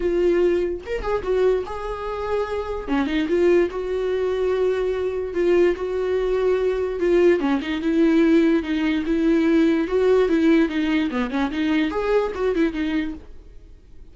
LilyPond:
\new Staff \with { instrumentName = "viola" } { \time 4/4 \tempo 4 = 146 f'2 ais'8 gis'8 fis'4 | gis'2. cis'8 dis'8 | f'4 fis'2.~ | fis'4 f'4 fis'2~ |
fis'4 f'4 cis'8 dis'8 e'4~ | e'4 dis'4 e'2 | fis'4 e'4 dis'4 b8 cis'8 | dis'4 gis'4 fis'8 e'8 dis'4 | }